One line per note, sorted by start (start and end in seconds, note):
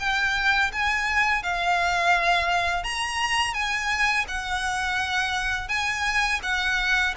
0.00 0.71 G5
0.73 1.43 G#5
1.43 2.84 F5
2.84 3.54 A#5
3.54 4.26 G#5
4.28 5.69 F#5
5.69 6.40 G#5
6.43 7.15 F#5